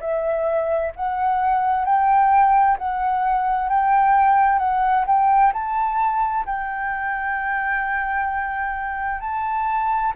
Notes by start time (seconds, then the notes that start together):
0.00 E5
0.96 F#5
1.85 G5
2.78 F#5
3.69 G5
4.59 F#5
5.06 G5
5.53 A5
6.46 G5
9.21 A5